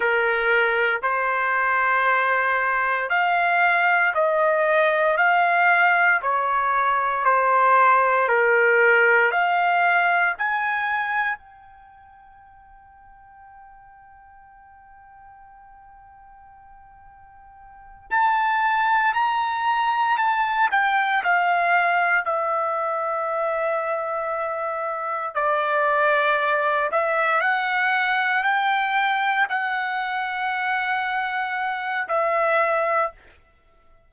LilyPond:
\new Staff \with { instrumentName = "trumpet" } { \time 4/4 \tempo 4 = 58 ais'4 c''2 f''4 | dis''4 f''4 cis''4 c''4 | ais'4 f''4 gis''4 g''4~ | g''1~ |
g''4. a''4 ais''4 a''8 | g''8 f''4 e''2~ e''8~ | e''8 d''4. e''8 fis''4 g''8~ | g''8 fis''2~ fis''8 e''4 | }